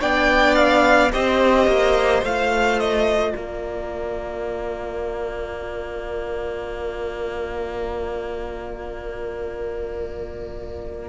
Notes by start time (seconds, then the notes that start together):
0.00 B3 D4 D5 G5
0.56 F5
1.12 C4 G4 C5 D#5
1.67 A#3
2.23 A3 F4 F5
2.80 D#5
3.32 A#3 A#4 D5